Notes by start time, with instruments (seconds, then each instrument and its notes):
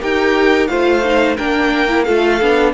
0.00 cello D#4, viola G4, violin A#4 G5
0.67 cello A3, viola F4, violin C5 F5
1.04 viola D#4
1.37 cello A#3, viola D4, violin A#4 G5
1.88 viola E4
2.04 cello A3, viola F4, violin A4 F5
2.41 cello B3, viola D4